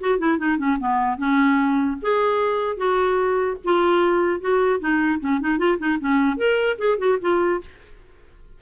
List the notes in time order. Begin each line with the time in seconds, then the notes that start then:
0.00 F#4
0.18 E4
0.38 D#4
0.57 C#4
0.79 B3
1.18 C#4
2.01 G#4
2.77 F#4
3.64 F4
4.40 F#4
4.79 D#4
5.20 C#4
5.40 D#4
5.58 F4
5.78 D#4
6.00 C#4
6.37 A#4
6.78 G#4
6.98 F#4
7.21 F4